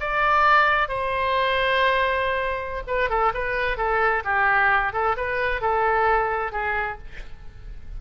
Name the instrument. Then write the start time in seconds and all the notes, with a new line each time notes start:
oboe
0.00 D5
0.88 C5
2.87 B4
3.10 A4
3.34 B4
3.77 A4
4.24 G4
4.93 A4
5.17 B4
5.61 A4
6.52 G#4